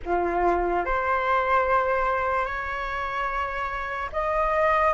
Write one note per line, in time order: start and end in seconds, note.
0.04 0.85 F4
0.85 2.45 C5
2.45 4.10 C#5
4.12 4.94 D#5